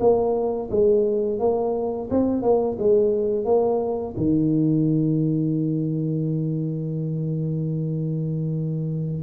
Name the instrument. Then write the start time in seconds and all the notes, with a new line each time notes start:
tuba
0.00 A#3
0.70 G#3
1.39 A#3
2.10 C4
2.42 A#3
2.79 G#3
3.45 A#3
4.17 D#3